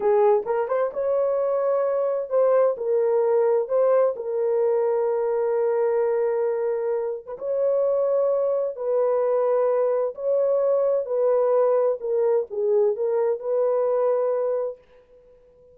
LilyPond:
\new Staff \with { instrumentName = "horn" } { \time 4/4 \tempo 4 = 130 gis'4 ais'8 c''8 cis''2~ | cis''4 c''4 ais'2 | c''4 ais'2.~ | ais'2.~ ais'8. b'16 |
cis''2. b'4~ | b'2 cis''2 | b'2 ais'4 gis'4 | ais'4 b'2. | }